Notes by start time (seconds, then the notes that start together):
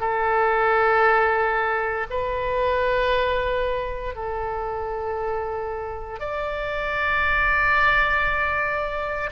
0.00 A4
2.10 B4
4.15 A4
6.19 D5